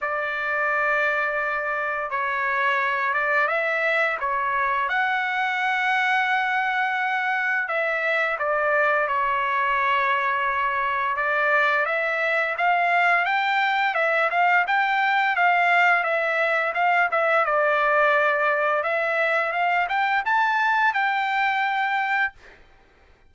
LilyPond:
\new Staff \with { instrumentName = "trumpet" } { \time 4/4 \tempo 4 = 86 d''2. cis''4~ | cis''8 d''8 e''4 cis''4 fis''4~ | fis''2. e''4 | d''4 cis''2. |
d''4 e''4 f''4 g''4 | e''8 f''8 g''4 f''4 e''4 | f''8 e''8 d''2 e''4 | f''8 g''8 a''4 g''2 | }